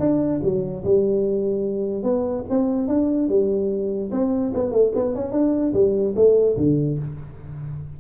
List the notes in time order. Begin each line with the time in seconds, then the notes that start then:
0.00 D4
0.43 F#3
0.84 G3
2.04 B3
2.50 C4
2.88 D4
3.29 G3
4.12 C4
4.54 B3
4.72 A3
4.95 B3
5.15 C#4
5.32 D4
5.74 G3
6.16 A3
6.58 D3